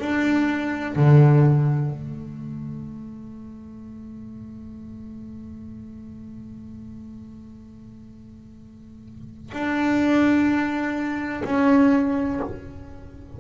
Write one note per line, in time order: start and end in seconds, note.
0.00 0.95 D4
0.96 1.90 D3
1.90 9.52 A3
9.52 11.43 D4
11.45 12.40 C#4